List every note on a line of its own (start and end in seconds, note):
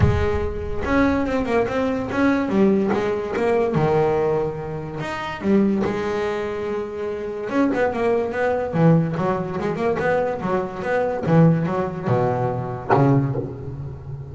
0.00 0.82 G#3
0.84 1.26 C#4
1.26 1.45 C4
1.45 1.66 A#3
1.67 2.09 C4
2.11 2.48 C#4
2.48 2.90 G3
2.92 3.34 G#3
3.36 3.74 A#3
3.74 4.99 D#3
5.00 5.41 D#4
5.41 5.82 G3
5.84 7.49 G#3
7.49 7.70 C#4
7.74 7.92 B3
7.92 8.32 A#3
8.32 8.73 B3
8.73 9.15 E3
9.17 9.58 F#3
9.60 9.76 G#3
9.76 9.96 A#3
9.99 10.40 B3
10.41 10.82 F#3
10.82 11.24 B3
11.26 11.66 E3
11.66 12.07 F#3
12.07 12.91 B2
12.93 13.35 C#3